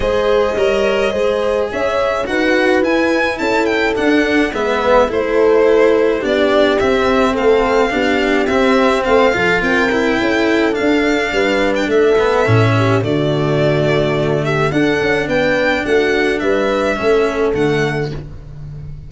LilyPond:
<<
  \new Staff \with { instrumentName = "violin" } { \time 4/4 \tempo 4 = 106 dis''2. e''4 | fis''4 gis''4 a''8 g''8 fis''4 | e''4 c''2 d''4 | e''4 f''2 e''4 |
f''4 g''2 f''4~ | f''8. g''16 e''2 d''4~ | d''4. e''8 fis''4 g''4 | fis''4 e''2 fis''4 | }
  \new Staff \with { instrumentName = "horn" } { \time 4/4 c''4 cis''4 c''4 cis''4 | b'2 a'2 | b'4 a'2 g'4~ | g'4 a'4 g'2 |
c''8 a'8 ais'4 a'2 | b'4 a'4. g'8 fis'4~ | fis'4. g'8 a'4 b'4 | fis'4 b'4 a'2 | }
  \new Staff \with { instrumentName = "cello" } { \time 4/4 gis'4 ais'4 gis'2 | fis'4 e'2 d'4 | b4 e'2 d'4 | c'2 d'4 c'4~ |
c'8 f'4 e'4. d'4~ | d'4. b8 cis'4 a4~ | a2 d'2~ | d'2 cis'4 a4 | }
  \new Staff \with { instrumentName = "tuba" } { \time 4/4 gis4 g4 gis4 cis'4 | dis'4 e'4 cis'4 d'4 | gis4 a2 b4 | c'4 a4 b4 c'4 |
a8 f8 c'4 cis'4 d'4 | g4 a4 a,4 d4~ | d2 d'8 cis'8 b4 | a4 g4 a4 d4 | }
>>